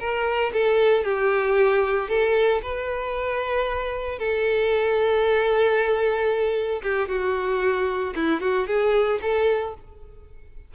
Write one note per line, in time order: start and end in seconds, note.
0.00 0.53 A#4
0.54 1.05 A4
1.05 2.09 G4
2.09 2.62 A4
2.63 4.19 B4
4.19 6.82 A4
6.83 7.09 G4
7.09 8.14 F#4
8.16 8.41 E4
8.41 8.67 F#4
8.67 9.20 G#4
9.22 9.75 A4